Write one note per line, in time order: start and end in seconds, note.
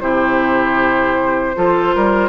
0.00 1.54 C3
0.00 1.54 E4
0.00 1.56 G4
0.00 2.29 C5
1.55 1.95 F3
1.55 2.29 F4
1.55 1.95 A4
1.95 2.29 G3
1.95 2.29 A#4